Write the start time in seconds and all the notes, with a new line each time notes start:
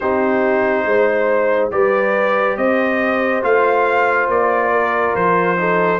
0.00 C4 D#4 G4 C5
0.84 G#3 C5
1.71 G3 G4 B4 D5
2.56 C4 C5 D#5
3.42 A3 F4 F5
4.27 A#3 D5
4.71 A#4
5.15 F3 C5
5.56 D#4 A4